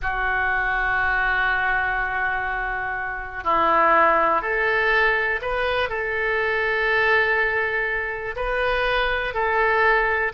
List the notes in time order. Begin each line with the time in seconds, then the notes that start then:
0.02 F#4
3.44 E4
4.42 A4
5.41 B4
5.89 A4
8.36 B4
9.34 A4